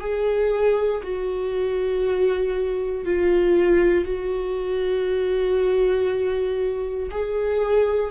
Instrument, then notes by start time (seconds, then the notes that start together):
viola
0.00 G#4
1.03 F#4
3.06 F4
4.05 F#4
7.11 G#4